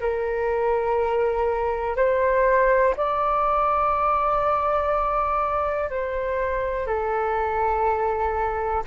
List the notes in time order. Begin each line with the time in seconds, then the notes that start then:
0.00 A#4
1.96 C5
2.96 D5
5.89 C5
6.86 A4